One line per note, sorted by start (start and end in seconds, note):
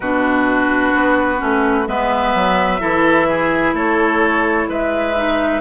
0.00 0.92 B2
0.00 1.38 D4
0.00 1.88 F#4
0.00 1.87 B4
0.94 1.41 B3
1.38 1.87 A3
1.38 1.85 C#4
1.87 2.34 G#3
1.87 2.79 B3
1.87 2.80 B4
1.87 3.75 E5
2.34 2.81 F#3
2.79 3.73 E3
2.79 5.13 E4
2.79 3.27 A4
3.28 3.74 G#4
3.73 4.66 A3
3.73 4.68 A4
3.73 4.69 C#5
4.69 5.60 G#3
4.69 5.60 B4
4.69 5.60 E5
5.15 5.60 D#4